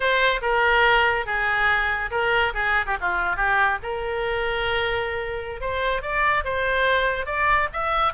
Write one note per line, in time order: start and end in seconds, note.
0.00 0.40 C5
0.41 1.25 A#4
1.25 2.10 G#4
2.10 2.53 A#4
2.54 2.85 G#4
2.86 2.96 G4
3.00 3.36 F4
3.36 3.78 G4
3.83 5.60 A#4
5.60 6.01 C5
6.01 6.44 D5
6.44 7.26 C5
7.26 7.68 D5
7.72 8.13 E5